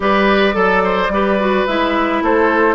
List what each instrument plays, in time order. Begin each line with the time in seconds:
0.00 bassoon G3, clarinet G4, oboe B4, flute D5
0.53 bassoon F#3, clarinet A4, oboe A4
0.84 oboe C5
1.08 bassoon G3, clarinet G4, oboe B4
1.39 clarinet F#4
1.66 bassoon G#3, clarinet E4, flute E5
2.22 bassoon A3, oboe A4, flute C5